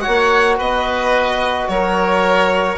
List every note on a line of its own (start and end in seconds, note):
0.00 2.76 F#4
0.00 0.57 C#5
0.00 0.55 F#5
0.06 0.59 A#3
0.57 1.68 B3
0.57 1.67 B4
0.57 1.68 D#5
1.68 2.78 F#3
1.68 2.78 A#4
1.68 2.78 C#5